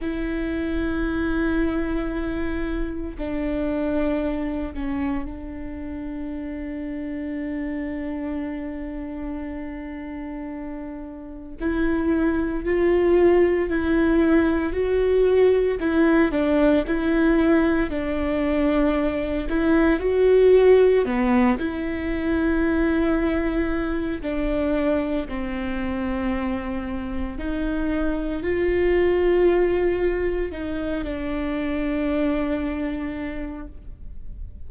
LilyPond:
\new Staff \with { instrumentName = "viola" } { \time 4/4 \tempo 4 = 57 e'2. d'4~ | d'8 cis'8 d'2.~ | d'2. e'4 | f'4 e'4 fis'4 e'8 d'8 |
e'4 d'4. e'8 fis'4 | b8 e'2~ e'8 d'4 | c'2 dis'4 f'4~ | f'4 dis'8 d'2~ d'8 | }